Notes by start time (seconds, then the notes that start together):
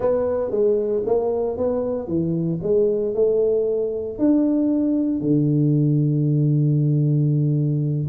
0.00 B3
0.50 G#3
1.06 A#3
1.57 B3
2.07 E3
2.63 G#3
3.14 A3
4.18 D4
5.20 D3